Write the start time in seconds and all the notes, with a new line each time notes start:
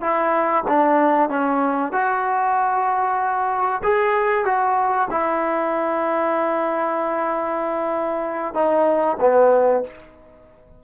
0.00 E4
0.67 D4
1.29 C#4
1.92 F#4
3.83 G#4
4.45 F#4
5.10 E4
8.54 D#4
9.20 B3